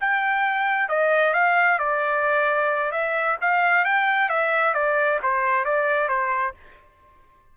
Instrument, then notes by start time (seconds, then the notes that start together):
trumpet
0.00 G5
0.88 D#5
1.33 F5
1.78 D5
2.91 E5
3.41 F5
3.85 G5
4.29 E5
4.74 D5
5.23 C5
5.64 D5
6.08 C5